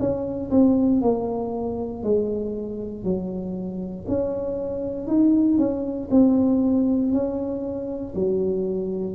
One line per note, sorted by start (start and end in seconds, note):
0.00 0.51 C#4
0.51 1.02 C4
1.02 2.03 A#3
2.03 3.04 G#3
3.04 4.06 F#3
4.08 5.07 C#4
5.07 5.58 D#4
5.58 6.09 C#4
6.11 7.12 C4
7.12 8.14 C#4
8.15 9.15 F#3